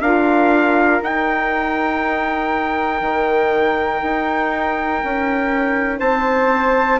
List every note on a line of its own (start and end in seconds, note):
0.00 1.00 D4
0.00 1.01 F4
0.00 5.99 A#4
0.00 1.01 F5
1.01 7.00 D#4
1.01 3.01 D#4
1.01 6.00 G5
3.01 4.01 D#3
4.02 5.02 D#4
5.04 6.00 C#4
5.99 7.00 C4
5.99 6.99 C5
5.99 7.00 A5